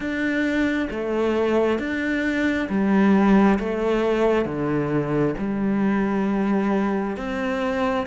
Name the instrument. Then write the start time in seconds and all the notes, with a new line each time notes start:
cello
0.00 D4
0.90 A3
1.79 D4
2.69 G3
3.59 A3
4.45 D3
5.38 G3
7.16 C4